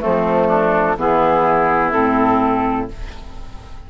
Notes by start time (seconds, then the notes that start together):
0.00 F3 A3 C4 A4
0.48 D4
0.97 E3 B3 E4 G#4
1.93 A2 C4 A4